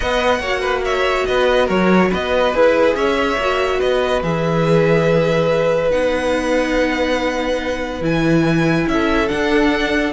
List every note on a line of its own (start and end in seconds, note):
0.00 0.39 B3
0.00 0.42 B4
0.00 0.40 D#5
0.00 0.84 F#5
0.39 1.24 A#3
0.39 2.53 F#4
0.39 0.60 C#5
0.60 0.81 B4
0.84 1.27 C#5
0.84 1.26 E5
1.26 1.69 B3
1.26 1.66 B4
1.26 1.68 D#5
1.66 2.11 F#3
1.66 2.08 A#4
1.66 2.11 C#5
2.09 2.54 B3
2.09 2.94 B4
2.09 2.55 D#5
2.53 2.95 E4
2.53 3.38 G#4
2.53 2.95 B4
2.95 3.37 C#4
2.95 3.79 C#5
2.95 3.80 E5
3.37 3.79 A#3
3.37 4.22 F#4
3.79 4.22 B3
3.79 8.86 B4
3.79 4.22 D#5
4.22 5.91 E3
4.22 5.90 G#4
4.22 5.91 E5
5.90 8.01 B3
5.90 8.01 D#4
5.90 8.02 F#5
8.01 8.85 E3
8.01 9.28 E4
8.01 8.88 G#5
8.87 9.29 C#4
8.87 10.12 A4
8.87 9.28 E5
9.28 10.12 D4
9.28 10.12 F#5